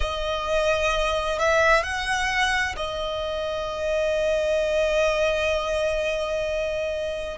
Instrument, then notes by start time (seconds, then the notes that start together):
violin
0.00 D#5
1.38 E5
1.83 F#5
2.76 D#5